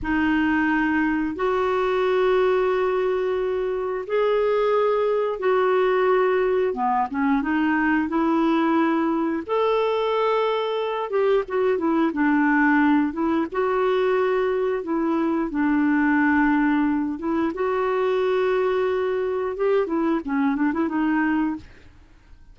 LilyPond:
\new Staff \with { instrumentName = "clarinet" } { \time 4/4 \tempo 4 = 89 dis'2 fis'2~ | fis'2 gis'2 | fis'2 b8 cis'8 dis'4 | e'2 a'2~ |
a'8 g'8 fis'8 e'8 d'4. e'8 | fis'2 e'4 d'4~ | d'4. e'8 fis'2~ | fis'4 g'8 e'8 cis'8 d'16 e'16 dis'4 | }